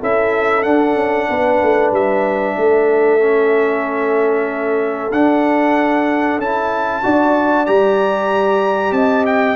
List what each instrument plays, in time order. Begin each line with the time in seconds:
0.00 tuba C#4, trombone E4, horn A4, trumpet E5
0.63 trombone D4, tuba D4, trumpet F#5
0.95 tuba C#4
1.29 tuba B3, horn B4
1.62 tuba A3
1.91 tuba G3, trumpet E5
2.57 tuba A3, horn A4
3.20 trombone C#4
5.11 tuba D4, trombone D4, trumpet F#5
6.38 tuba C#4, trombone E4, trumpet A5
7.03 tuba D4, trombone F#4, horn D5
7.66 tuba G3, trombone G4, trumpet A#5
8.92 tuba C4, horn D#5, trumpet A5
9.26 trumpet G5